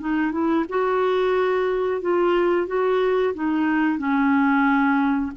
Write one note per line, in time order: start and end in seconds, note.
0.00 0.32 D#4
0.32 0.65 E4
0.69 2.01 F#4
2.01 2.67 F4
2.67 3.34 F#4
3.34 3.98 D#4
3.98 5.32 C#4